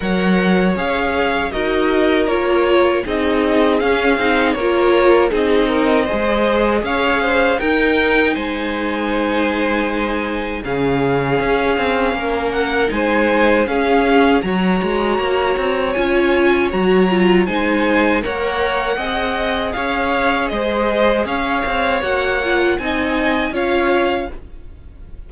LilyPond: <<
  \new Staff \with { instrumentName = "violin" } { \time 4/4 \tempo 4 = 79 fis''4 f''4 dis''4 cis''4 | dis''4 f''4 cis''4 dis''4~ | dis''4 f''4 g''4 gis''4~ | gis''2 f''2~ |
f''8 fis''8 gis''4 f''4 ais''4~ | ais''4 gis''4 ais''4 gis''4 | fis''2 f''4 dis''4 | f''4 fis''4 gis''4 f''4 | }
  \new Staff \with { instrumentName = "violin" } { \time 4/4 cis''2 ais'2 | gis'2 ais'4 gis'8 ais'8 | c''4 cis''8 c''8 ais'4 c''4~ | c''2 gis'2 |
ais'4 c''4 gis'4 cis''4~ | cis''2. c''4 | cis''4 dis''4 cis''4 c''4 | cis''2 dis''4 cis''4 | }
  \new Staff \with { instrumentName = "viola" } { \time 4/4 ais'4 gis'4 fis'4 f'4 | dis'4 cis'8 dis'8 f'4 dis'4 | gis'2 dis'2~ | dis'2 cis'2~ |
cis'4 dis'4 cis'4 fis'4~ | fis'4 f'4 fis'8 f'8 dis'4 | ais'4 gis'2.~ | gis'4 fis'8 f'8 dis'4 f'4 | }
  \new Staff \with { instrumentName = "cello" } { \time 4/4 fis4 cis'4 dis'4 ais4 | c'4 cis'8 c'8 ais4 c'4 | gis4 cis'4 dis'4 gis4~ | gis2 cis4 cis'8 c'8 |
ais4 gis4 cis'4 fis8 gis8 | ais8 c'8 cis'4 fis4 gis4 | ais4 c'4 cis'4 gis4 | cis'8 c'8 ais4 c'4 cis'4 | }
>>